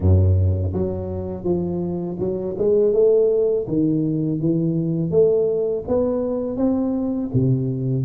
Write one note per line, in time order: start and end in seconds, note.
0.00 0.73 F#2
0.73 1.43 F#3
1.43 2.17 F3
2.19 2.55 F#3
2.58 2.93 G#3
2.93 3.66 A3
3.68 4.39 D#3
4.39 5.11 E3
5.11 5.84 A3
5.87 6.56 B3
6.56 7.29 C4
7.33 8.05 C3